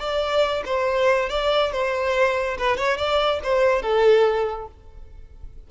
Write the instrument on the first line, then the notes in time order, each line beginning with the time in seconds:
violin
0.00 D5
0.66 C5
1.30 D5
1.73 C5
2.58 B4
2.77 C#5
2.98 D5
3.44 C5
3.83 A4